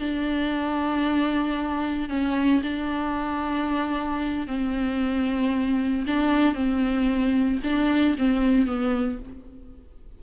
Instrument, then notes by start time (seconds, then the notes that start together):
viola
0.00 D4
2.10 C#4
2.63 D4
4.47 C4
6.07 D4
6.55 C4
7.64 D4
8.18 C4
8.67 B3